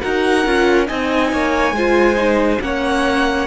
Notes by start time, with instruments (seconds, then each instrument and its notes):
0.00 cello D#4, viola F#4, violin A#4 F#5
0.46 cello C#4, viola F4
0.87 cello C4, viola D#4, violin D#5 G#5
1.33 cello A#3, violin C#5
1.72 cello G#3, viola F4, violin C5
2.16 viola D#4
2.61 cello A#3, viola C#4, violin C#5 F#5